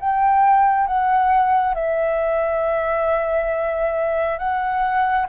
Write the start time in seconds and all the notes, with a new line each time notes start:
0.00 G5
0.87 F#5
1.74 E5
4.38 F#5